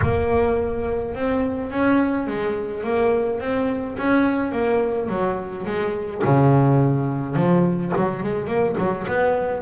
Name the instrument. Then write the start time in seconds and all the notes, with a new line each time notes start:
double bass
0.01 A#3
1.14 C4
1.70 C#4
2.27 G#3
2.83 A#3
3.40 C4
3.98 C#4
4.52 A#3
5.08 F#3
5.66 G#3
6.23 C#3
7.35 F3
7.96 F#3
8.23 G#3
8.47 A#3
8.78 F#3
9.07 B3